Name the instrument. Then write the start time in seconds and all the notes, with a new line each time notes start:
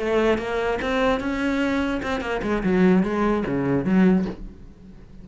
cello
0.00 A3
0.39 A#3
0.82 C4
1.21 C#4
2.03 C4
2.21 A#3
2.43 G#3
2.64 F#3
3.04 G#3
3.47 C#3
3.85 F#3